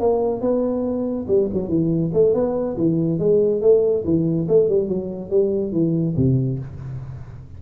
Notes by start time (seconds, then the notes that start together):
0.00 A#3
0.41 B3
1.28 G3
1.53 F#3
1.68 E3
2.14 A3
2.34 B3
2.77 E3
3.19 G#3
3.62 A3
4.04 E3
4.48 A3
4.69 G3
4.89 F#3
5.30 G3
5.73 E3
6.17 C3